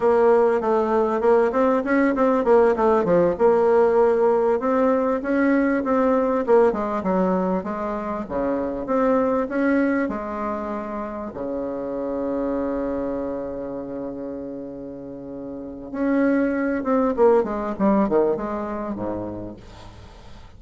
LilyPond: \new Staff \with { instrumentName = "bassoon" } { \time 4/4 \tempo 4 = 98 ais4 a4 ais8 c'8 cis'8 c'8 | ais8 a8 f8 ais2 c'8~ | c'8 cis'4 c'4 ais8 gis8 fis8~ | fis8 gis4 cis4 c'4 cis'8~ |
cis'8 gis2 cis4.~ | cis1~ | cis2 cis'4. c'8 | ais8 gis8 g8 dis8 gis4 gis,4 | }